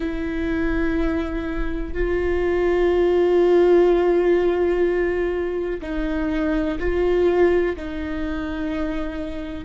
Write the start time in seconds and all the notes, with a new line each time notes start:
0.00 E4
1.94 F4
5.81 D#4
6.79 F4
7.76 D#4